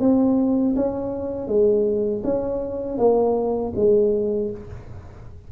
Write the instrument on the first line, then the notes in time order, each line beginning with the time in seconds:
tuba
0.00 C4
0.76 C#4
1.48 G#3
2.24 C#4
2.98 A#3
3.76 G#3